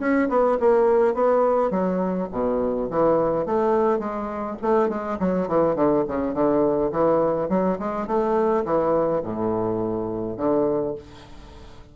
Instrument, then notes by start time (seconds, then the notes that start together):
bassoon
0.00 C#4
0.29 B3
0.60 A#3
1.14 B3
1.70 F#3
2.32 B2
2.90 E3
3.46 A3
3.99 G#3
4.62 A3
4.89 G#3
5.19 F#3
5.48 E3
5.76 D3
6.08 C#3
6.34 D3
6.92 E3
7.49 F#3
7.79 G#3
8.07 A3
8.65 E3
9.23 A2
10.37 D3